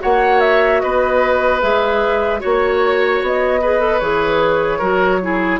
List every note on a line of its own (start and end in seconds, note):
0.00 0.83 A#3
0.00 1.60 F#4
0.00 0.82 C#5
0.00 0.40 F#5
0.40 0.80 E5
0.80 1.63 B3
0.80 2.41 B4
0.80 1.60 D#5
1.61 2.43 G#3
1.61 2.40 G#4
1.61 2.41 E5
2.40 3.22 A#3
2.40 3.60 F#4
2.40 3.61 C#5
2.40 3.23 C#5
3.22 4.01 B3
3.22 3.99 D#5
3.62 3.80 G#4
3.62 4.79 B4
3.80 4.00 A4
3.99 4.81 E3
3.99 4.81 G#4
3.99 5.59 C#5
4.79 5.60 F#3
4.79 5.21 F#4
4.79 5.19 A#4
5.22 5.60 E4
5.22 5.60 G#4